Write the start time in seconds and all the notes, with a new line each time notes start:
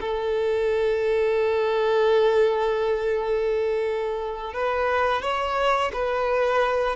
0.00 A4
4.53 B4
5.22 C#5
5.93 B4